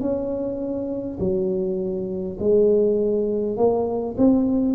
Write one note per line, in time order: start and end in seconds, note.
0.00 1.18 C#4
1.19 2.37 F#3
2.40 3.56 G#3
3.56 4.15 A#3
4.18 4.74 C4